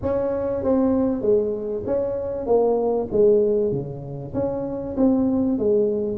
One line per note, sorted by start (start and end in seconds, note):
0.01 0.63 C#4
0.63 1.21 C4
1.21 1.83 G#3
1.86 2.46 C#4
2.46 3.08 A#3
3.12 3.71 G#3
3.71 4.33 C#3
4.34 4.95 C#4
4.97 5.58 C4
5.58 6.18 G#3